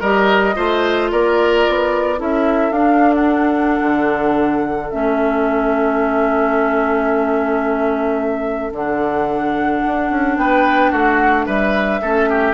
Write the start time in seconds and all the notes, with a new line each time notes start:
0.00 G3 G4 A#4 D#5
0.55 A3 F4 C5
1.11 A#3 A#4 D5
1.68 B3
2.17 C#4 E4 A4 E5
2.71 D4 F5
3.15 F#5
3.82 D3
4.90 A3 C#4 E5
8.72 D3 D4 F#5
9.86 D4
10.10 C#4
10.37 B3 B4 G5
10.91 A3 F#4 F#5
11.46 G3 B4 E5
12.02 A3 C#4 A4
12.29 G4